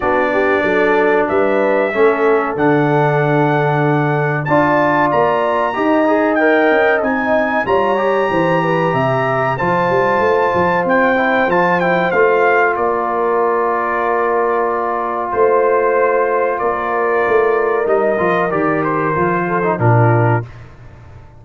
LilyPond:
<<
  \new Staff \with { instrumentName = "trumpet" } { \time 4/4 \tempo 4 = 94 d''2 e''2 | fis''2. a''4 | ais''2 g''4 gis''4 | ais''2. a''4~ |
a''4 g''4 a''8 g''8 f''4 | d''1 | c''2 d''2 | dis''4 d''8 c''4. ais'4 | }
  \new Staff \with { instrumentName = "horn" } { \time 4/4 fis'8 g'8 a'4 b'4 a'4~ | a'2. d''4~ | d''4 dis''2. | cis''4 c''8 b'8 e''4 c''4~ |
c''1 | ais'1 | c''2 ais'2~ | ais'2~ ais'8 a'8 f'4 | }
  \new Staff \with { instrumentName = "trombone" } { \time 4/4 d'2. cis'4 | d'2. f'4~ | f'4 g'8 gis'8 ais'4 dis'4 | f'8 g'2~ g'8 f'4~ |
f'4. e'8 f'8 e'8 f'4~ | f'1~ | f'1 | dis'8 f'8 g'4 f'8. dis'16 d'4 | }
  \new Staff \with { instrumentName = "tuba" } { \time 4/4 b4 fis4 g4 a4 | d2. d'4 | ais4 dis'4. cis'8 c'4 | g4 e4 c4 f8 g8 |
a8 f8 c'4 f4 a4 | ais1 | a2 ais4 a4 | g8 f8 dis4 f4 ais,4 | }
>>